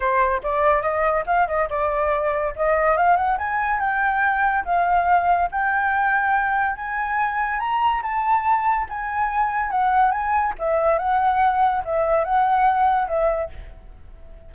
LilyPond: \new Staff \with { instrumentName = "flute" } { \time 4/4 \tempo 4 = 142 c''4 d''4 dis''4 f''8 dis''8 | d''2 dis''4 f''8 fis''8 | gis''4 g''2 f''4~ | f''4 g''2. |
gis''2 ais''4 a''4~ | a''4 gis''2 fis''4 | gis''4 e''4 fis''2 | e''4 fis''2 e''4 | }